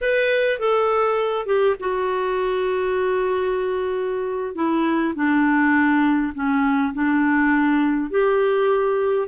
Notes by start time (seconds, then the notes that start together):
0.01 B4
0.59 A4
1.46 G4
1.79 F#4
4.55 E4
5.15 D4
6.34 C#4
6.93 D4
8.10 G4